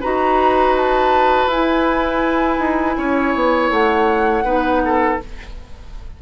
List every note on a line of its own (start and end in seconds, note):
0.00 1.47 D#4
0.00 1.50 F#4
0.00 2.96 B4
0.00 0.76 A#5
0.76 1.50 A5
1.47 2.58 E4
1.47 4.44 E4
1.47 3.71 G#5
2.58 2.95 D#4
2.97 3.34 C#4
2.97 4.44 C#5
3.34 3.70 B3
3.70 4.43 A3
3.70 5.19 F#5
4.43 5.17 B3
4.43 5.19 D#4
4.43 4.81 B4
4.85 5.22 A4